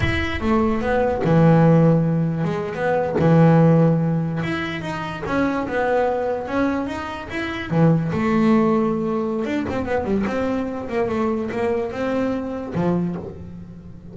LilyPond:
\new Staff \with { instrumentName = "double bass" } { \time 4/4 \tempo 4 = 146 e'4 a4 b4 e4~ | e2 gis8. b4 e16~ | e2~ e8. e'4 dis'16~ | dis'8. cis'4 b2 cis'16~ |
cis'8. dis'4 e'4 e4 a16~ | a2. d'8 c'8 | b8 g8 c'4. ais8 a4 | ais4 c'2 f4 | }